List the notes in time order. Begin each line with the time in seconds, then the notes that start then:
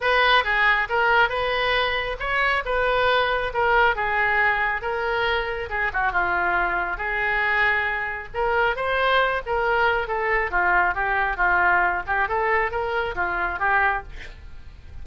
0.00 B4
0.44 G#4
0.89 A#4
1.29 B4
2.19 C#5
2.65 B4
3.53 A#4
3.95 G#4
4.81 A#4
5.69 G#4
5.93 F#4
6.12 F4
6.97 G#4
8.34 A#4
8.76 C5
9.45 A#4
10.07 A4
10.50 F4
10.94 G4
11.36 F4
12.07 G4
12.28 A4
12.71 A#4
13.15 F4
13.59 G4